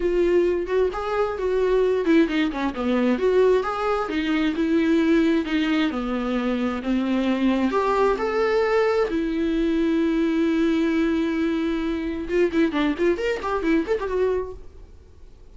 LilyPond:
\new Staff \with { instrumentName = "viola" } { \time 4/4 \tempo 4 = 132 f'4. fis'8 gis'4 fis'4~ | fis'8 e'8 dis'8 cis'8 b4 fis'4 | gis'4 dis'4 e'2 | dis'4 b2 c'4~ |
c'4 g'4 a'2 | e'1~ | e'2. f'8 e'8 | d'8 f'8 ais'8 g'8 e'8 a'16 g'16 fis'4 | }